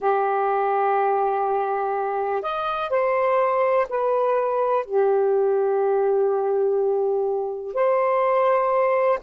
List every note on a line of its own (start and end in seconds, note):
0.00 2.42 G4
2.42 2.89 D#5
2.89 3.86 C5
3.89 4.85 B4
4.85 7.74 G4
7.74 9.19 C5